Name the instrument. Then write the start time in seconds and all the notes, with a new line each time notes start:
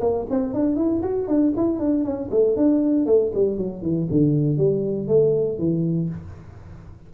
tuba
0.00 A#3
0.30 C4
0.53 D4
0.76 E4
1.02 F#4
1.27 D4
1.56 E4
1.79 D4
2.04 C#4
2.31 A3
2.56 D4
3.06 A3
3.34 G3
3.57 F#3
3.82 E3
4.10 D3
4.57 G3
5.07 A3
5.58 E3